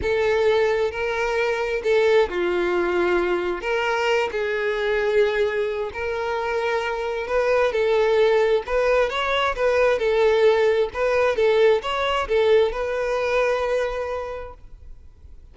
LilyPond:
\new Staff \with { instrumentName = "violin" } { \time 4/4 \tempo 4 = 132 a'2 ais'2 | a'4 f'2. | ais'4. gis'2~ gis'8~ | gis'4 ais'2. |
b'4 a'2 b'4 | cis''4 b'4 a'2 | b'4 a'4 cis''4 a'4 | b'1 | }